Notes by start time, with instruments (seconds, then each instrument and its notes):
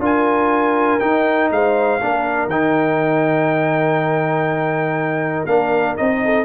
0.00 tuba D4, trombone F4, horn A#4, trumpet G#5
1.00 trombone D#4, tuba D#4, trumpet G5
1.51 tuba G#3, horn C5, trumpet F5
2.01 tuba A#3, trombone D4, horn A#4
2.46 tuba D#3, trombone D#4, trumpet G5
5.46 tuba A#3, trombone D4, trumpet F5
5.97 tuba C4, trombone D#4, trumpet D#5
6.24 horn A4